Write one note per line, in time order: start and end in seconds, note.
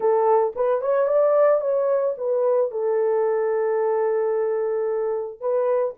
0.00 0.53 A4
0.55 0.81 B4
0.81 1.07 C#5
1.07 1.60 D5
1.60 2.14 C#5
2.17 2.71 B4
2.71 5.40 A4
5.40 5.94 B4